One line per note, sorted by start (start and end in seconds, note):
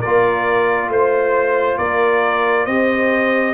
0.00 2.69 F4
0.00 0.88 A#4
0.00 0.90 D5
0.06 0.89 A#3
0.89 1.77 A3
0.89 1.78 C5
1.78 2.67 A#3
1.78 2.66 A#4
1.78 2.66 D5
2.66 3.55 C4
2.66 3.55 G4
2.66 3.54 C5
2.66 3.55 D#5